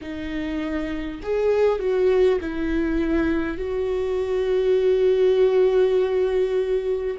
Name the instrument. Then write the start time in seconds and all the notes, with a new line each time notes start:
viola
0.01 D#4
1.22 G#4
1.79 F#4
2.41 E4
3.57 F#4